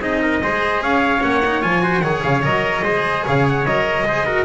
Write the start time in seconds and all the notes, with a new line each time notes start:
0.00 C4 D#4 G#4 D#5
0.21 A#4
0.42 G#3 G#4 C5
0.81 C#4 C#5 F5
1.20 A#3 C#4 F#5
1.45 D#4
1.61 F3 F4 G#5
1.82 F#4 C5
2.01 D#3 G#4 C#5 F#5
2.23 C#3 F5
2.42 F#3 A#4 D#5
2.83 G#3 G#4 C5
3.24 C#3 C#5 F5
3.48 F#5
3.65 F#3 A#4 D#5
4.03 G#3 G#4 C5
4.26 F#4 A#4